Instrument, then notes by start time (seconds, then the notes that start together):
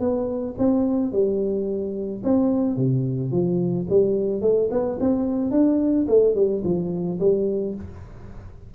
tuba
0.00 B3
0.58 C4
1.12 G3
2.24 C4
2.77 C3
3.32 F3
3.90 G3
4.41 A3
4.71 B3
5.00 C4
5.51 D4
6.08 A3
6.35 G3
6.64 F3
7.20 G3